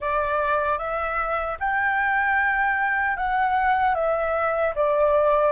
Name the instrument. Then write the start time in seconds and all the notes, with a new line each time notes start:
flute
0.00 D5
0.78 E5
1.59 G5
3.16 F#5
3.94 E5
4.75 D5